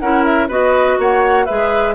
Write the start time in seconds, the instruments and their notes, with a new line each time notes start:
0.00 bassoon C#4, clarinet E4, oboe A#4, flute F#5
0.25 flute E5
0.48 bassoon B3, clarinet F#4, oboe B4, flute D#5
0.99 bassoon A#3, oboe C#5, flute F#5
1.46 bassoon G#3, clarinet G#4, oboe B4, flute E5